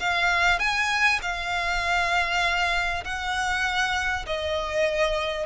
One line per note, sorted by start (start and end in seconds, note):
0.00 0.60 F5
0.60 1.20 G#5
1.23 3.04 F5
3.05 4.26 F#5
4.27 5.47 D#5